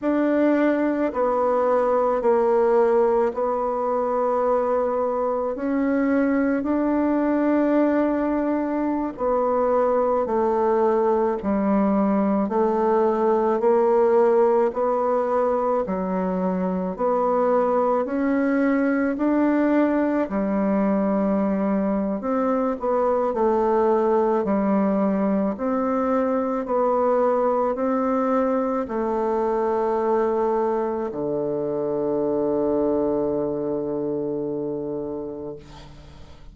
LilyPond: \new Staff \with { instrumentName = "bassoon" } { \time 4/4 \tempo 4 = 54 d'4 b4 ais4 b4~ | b4 cis'4 d'2~ | d'16 b4 a4 g4 a8.~ | a16 ais4 b4 fis4 b8.~ |
b16 cis'4 d'4 g4.~ g16 | c'8 b8 a4 g4 c'4 | b4 c'4 a2 | d1 | }